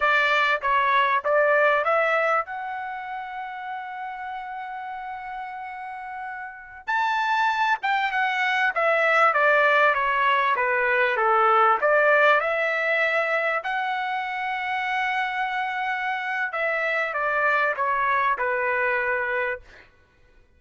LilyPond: \new Staff \with { instrumentName = "trumpet" } { \time 4/4 \tempo 4 = 98 d''4 cis''4 d''4 e''4 | fis''1~ | fis''2.~ fis''16 a''8.~ | a''8. g''8 fis''4 e''4 d''8.~ |
d''16 cis''4 b'4 a'4 d''8.~ | d''16 e''2 fis''4.~ fis''16~ | fis''2. e''4 | d''4 cis''4 b'2 | }